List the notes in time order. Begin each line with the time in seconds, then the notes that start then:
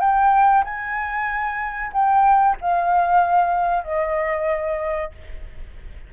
0.00 G5
0.64 G#5
1.92 G5
2.61 F5
3.84 D#5